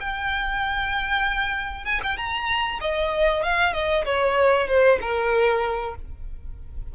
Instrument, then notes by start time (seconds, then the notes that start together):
violin
0.00 G5
1.85 G#5
2.03 G5
2.17 A#5
2.81 D#5
3.43 F5
3.73 D#5
4.05 C#5
4.67 C5
5.01 A#4